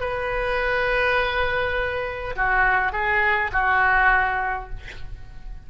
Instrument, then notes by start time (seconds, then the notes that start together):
oboe
0.00 B4
2.36 F#4
2.92 G#4
3.52 F#4